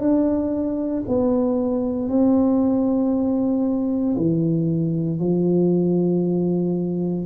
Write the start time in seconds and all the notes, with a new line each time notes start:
0.00 D4
1.08 B3
2.09 C4
4.17 E3
5.20 F3